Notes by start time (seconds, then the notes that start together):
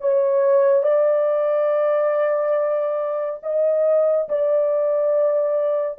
0.00 C#5
0.82 D5
3.42 D#5
4.28 D5